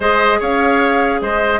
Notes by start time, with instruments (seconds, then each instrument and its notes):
0.00 bassoon G#3, clarinet G#4, oboe C5, flute D#5
0.39 bassoon C#4, oboe C#5, flute F5
1.21 bassoon G#3, oboe C5, flute D#5